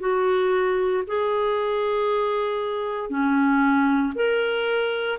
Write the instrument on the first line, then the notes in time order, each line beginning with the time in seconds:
clarinet
0.00 F#4
1.07 G#4
3.10 C#4
4.15 A#4